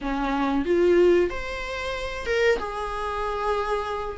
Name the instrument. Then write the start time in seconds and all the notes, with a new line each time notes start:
viola
0.01 C#4
0.65 F4
1.29 C5
2.26 A#4
2.58 G#4